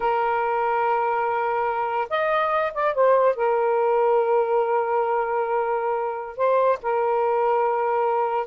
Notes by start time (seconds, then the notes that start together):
0.00 A#4
2.09 D#5
2.74 D5
2.94 C5
3.35 A#4
6.36 C5
6.82 A#4